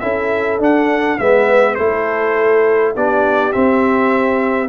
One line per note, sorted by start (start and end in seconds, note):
0.00 0.59 C#4
0.00 0.60 E4
0.00 1.21 A4
0.00 0.59 E5
0.59 1.18 D4
0.59 1.19 D4
0.59 1.19 F#5
1.19 1.78 G#3
1.19 1.78 B3
1.19 1.77 B4
1.19 1.75 E5
1.75 2.96 A3
1.75 2.96 E4
1.75 2.94 A4
1.75 2.93 C5
2.95 3.55 B3
2.95 3.53 D4
2.95 4.70 G4
2.95 3.53 D5
3.53 4.70 C4
3.53 4.70 E5